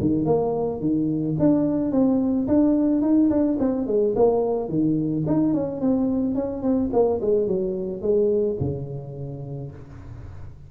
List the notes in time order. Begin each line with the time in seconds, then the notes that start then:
0.00 D#3
0.25 A#3
0.80 D#3
1.39 D4
1.91 C4
2.47 D4
3.02 D#4
3.30 D4
3.59 C4
3.87 G#3
4.15 A#3
4.69 D#3
5.27 D#4
5.54 C#4
5.81 C4
6.35 C#4
6.62 C4
6.93 A#3
7.21 G#3
7.47 F#3
8.01 G#3
8.60 C#3